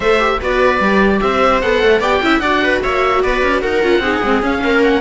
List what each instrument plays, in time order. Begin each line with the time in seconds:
0.00 cello A3, viola A4 C5, oboe E5
0.19 viola G4
0.40 cello B3, viola F#4 B4, oboe D5
0.80 cello G3, viola G4
1.20 cello C4, viola C5, oboe E5
1.61 cello B3, viola A4, oboe F#5
1.83 cello A3
1.99 cello B3, viola G4 D5, oboe G5
2.22 cello C#4, viola E4 E5
2.39 cello D4, viola F#4 D5, oboe F#5
2.63 viola B4
2.82 cello A#3, viola C#5, oboe E5
3.22 cello B3, viola B4, oboe D5
3.42 cello C#4
3.61 cello D#4, viola A#4, oboe F#5
3.82 cello C#4, viola F4
3.98 cello C4, viola D#4 G#4
4.22 cello G#3, viola C4
4.42 cello C#4, viola C#4, oboe F5
4.63 cello A#3, viola A#4
4.82 oboe F#5